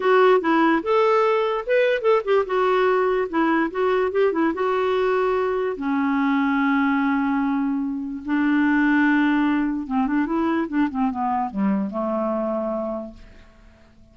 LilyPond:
\new Staff \with { instrumentName = "clarinet" } { \time 4/4 \tempo 4 = 146 fis'4 e'4 a'2 | b'4 a'8 g'8 fis'2 | e'4 fis'4 g'8 e'8 fis'4~ | fis'2 cis'2~ |
cis'1 | d'1 | c'8 d'8 e'4 d'8 c'8 b4 | g4 a2. | }